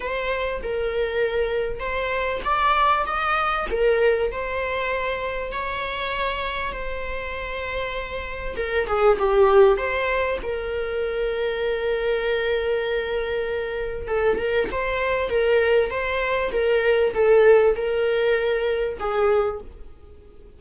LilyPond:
\new Staff \with { instrumentName = "viola" } { \time 4/4 \tempo 4 = 98 c''4 ais'2 c''4 | d''4 dis''4 ais'4 c''4~ | c''4 cis''2 c''4~ | c''2 ais'8 gis'8 g'4 |
c''4 ais'2.~ | ais'2. a'8 ais'8 | c''4 ais'4 c''4 ais'4 | a'4 ais'2 gis'4 | }